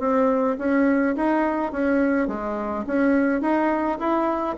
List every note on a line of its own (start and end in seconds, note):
0.00 0.57 C4
0.59 1.16 C#4
1.16 1.72 D#4
1.72 2.28 C#4
2.28 2.85 G#3
2.87 3.42 C#4
3.42 3.99 D#4
3.99 4.57 E4